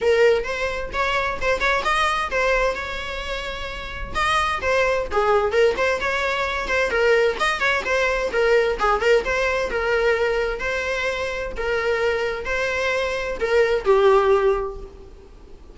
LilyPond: \new Staff \with { instrumentName = "viola" } { \time 4/4 \tempo 4 = 130 ais'4 c''4 cis''4 c''8 cis''8 | dis''4 c''4 cis''2~ | cis''4 dis''4 c''4 gis'4 | ais'8 c''8 cis''4. c''8 ais'4 |
dis''8 cis''8 c''4 ais'4 gis'8 ais'8 | c''4 ais'2 c''4~ | c''4 ais'2 c''4~ | c''4 ais'4 g'2 | }